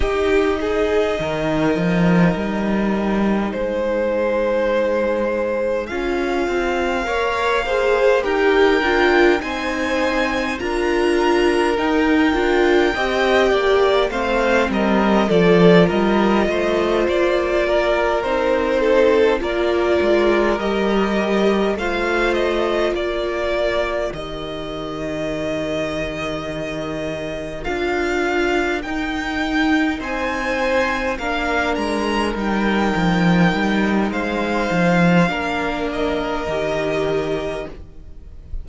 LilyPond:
<<
  \new Staff \with { instrumentName = "violin" } { \time 4/4 \tempo 4 = 51 dis''2. c''4~ | c''4 f''2 g''4 | gis''4 ais''4 g''2 | f''8 dis''8 d''8 dis''4 d''4 c''8~ |
c''8 d''4 dis''4 f''8 dis''8 d''8~ | d''8 dis''2. f''8~ | f''8 g''4 gis''4 f''8 ais''8 g''8~ | g''4 f''4. dis''4. | }
  \new Staff \with { instrumentName = "violin" } { \time 4/4 g'8 gis'8 ais'2 gis'4~ | gis'2 cis''8 c''8 ais'4 | c''4 ais'2 dis''8 d''8 | c''8 ais'8 a'8 ais'8 c''4 ais'4 |
a'8 ais'2 c''4 ais'8~ | ais'1~ | ais'4. c''4 ais'4.~ | ais'4 c''4 ais'2 | }
  \new Staff \with { instrumentName = "viola" } { \time 4/4 dis'1~ | dis'4 f'4 ais'8 gis'8 g'8 f'8 | dis'4 f'4 dis'8 f'8 g'4 | c'4 f'2~ f'8 dis'8~ |
dis'8 f'4 g'4 f'4.~ | f'8 g'2. f'8~ | f'8 dis'2 d'4 dis'8~ | dis'2 d'4 g'4 | }
  \new Staff \with { instrumentName = "cello" } { \time 4/4 dis'4 dis8 f8 g4 gis4~ | gis4 cis'8 c'8 ais4 dis'8 d'8 | c'4 d'4 dis'8 d'8 c'8 ais8 | a8 g8 f8 g8 a8 ais4 c'8~ |
c'8 ais8 gis8 g4 a4 ais8~ | ais8 dis2. d'8~ | d'8 dis'4 c'4 ais8 gis8 g8 | f8 g8 gis8 f8 ais4 dis4 | }
>>